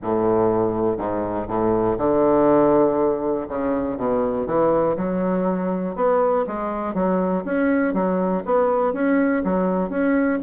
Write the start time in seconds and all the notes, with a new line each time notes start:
0.02 A2
0.97 G#2
1.48 A2
1.98 D3
3.48 C#3
3.97 B2
4.46 E3
4.96 F#3
5.95 B3
6.47 G#3
6.94 F#3
7.44 C#4
7.93 F#3
8.45 B3
8.93 C#4
9.44 F#3
9.89 C#4